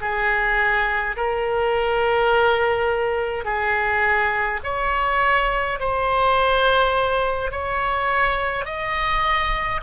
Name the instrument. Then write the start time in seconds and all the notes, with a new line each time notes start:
oboe
0.00 G#4
1.16 A#4
3.44 G#4
4.63 C#5
5.79 C5
7.51 C#5
8.65 D#5